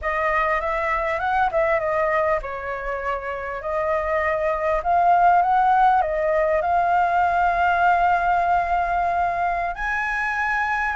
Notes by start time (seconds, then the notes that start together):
0.01 D#5
0.60 E5
1.19 F#5
1.51 E5
1.79 D#5
2.42 C#5
3.61 D#5
4.83 F5
5.41 F#5
6.01 D#5
6.61 F5
9.75 G#5